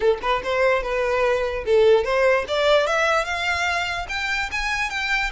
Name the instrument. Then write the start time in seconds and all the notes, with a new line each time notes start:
violin
0.00 A4
0.22 B4
0.43 C5
0.83 B4
1.65 A4
2.04 C5
2.48 D5
2.86 E5
3.24 F5
4.09 G5
4.51 G#5
4.90 G5